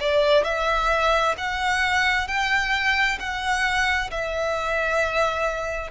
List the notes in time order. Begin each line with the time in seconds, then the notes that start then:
0.00 D5
0.44 E5
1.38 F#5
2.28 G5
3.20 F#5
4.11 E5